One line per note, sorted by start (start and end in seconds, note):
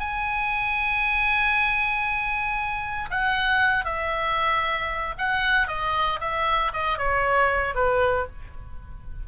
0.00 3.10 G#5
3.11 3.85 F#5
3.85 5.15 E5
5.18 5.68 F#5
5.68 6.20 D#5
6.21 6.73 E5
6.74 6.98 D#5
6.98 7.75 C#5
7.75 8.27 B4